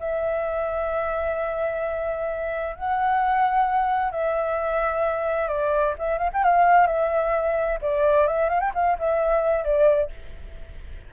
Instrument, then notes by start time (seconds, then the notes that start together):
flute
0.00 E5
2.76 F#5
4.12 E5
5.48 D5
5.99 E5
6.18 F5
6.34 G5
6.44 F5
6.87 E5
7.82 D5
8.28 E5
8.49 F5
8.60 G5
8.75 F5
8.99 E5
9.65 D5